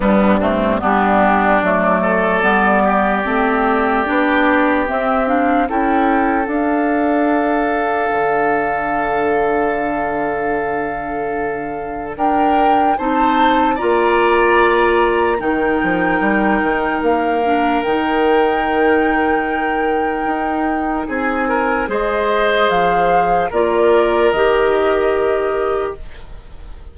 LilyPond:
<<
  \new Staff \with { instrumentName = "flute" } { \time 4/4 \tempo 4 = 74 d'4 g'4 d''2~ | d''2 e''8 f''8 g''4 | f''1~ | f''2. g''4 |
a''4 ais''2 g''4~ | g''4 f''4 g''2~ | g''2 gis''4 dis''4 | f''4 d''4 dis''2 | }
  \new Staff \with { instrumentName = "oboe" } { \time 4/4 b8 c'8 d'4. a'4 g'8~ | g'2. a'4~ | a'1~ | a'2. ais'4 |
c''4 d''2 ais'4~ | ais'1~ | ais'2 gis'8 ais'8 c''4~ | c''4 ais'2. | }
  \new Staff \with { instrumentName = "clarinet" } { \time 4/4 g8 a8 b4 a4 b4 | c'4 d'4 c'8 d'8 e'4 | d'1~ | d'1 |
dis'4 f'2 dis'4~ | dis'4. d'8 dis'2~ | dis'2. gis'4~ | gis'4 f'4 g'2 | }
  \new Staff \with { instrumentName = "bassoon" } { \time 4/4 g,4 g4 fis4 g4 | a4 b4 c'4 cis'4 | d'2 d2~ | d2. d'4 |
c'4 ais2 dis8 f8 | g8 dis8 ais4 dis2~ | dis4 dis'4 c'4 gis4 | f4 ais4 dis2 | }
>>